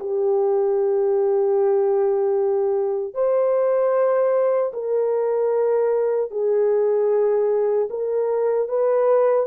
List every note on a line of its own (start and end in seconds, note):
0.00 3.14 G4
3.14 4.72 C5
4.73 6.31 A#4
6.31 7.89 G#4
7.91 8.68 A#4
8.68 9.47 B4